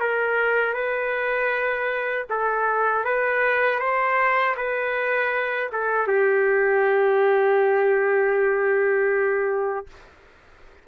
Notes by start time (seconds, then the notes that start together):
0.00 A#4
0.73 B4
2.30 A4
3.04 B4
3.79 C5
4.56 B4
5.72 A4
6.07 G4